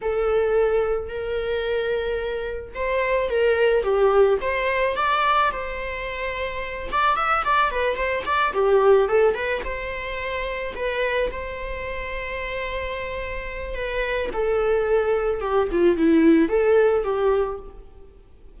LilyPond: \new Staff \with { instrumentName = "viola" } { \time 4/4 \tempo 4 = 109 a'2 ais'2~ | ais'4 c''4 ais'4 g'4 | c''4 d''4 c''2~ | c''8 d''8 e''8 d''8 b'8 c''8 d''8 g'8~ |
g'8 a'8 b'8 c''2 b'8~ | b'8 c''2.~ c''8~ | c''4 b'4 a'2 | g'8 f'8 e'4 a'4 g'4 | }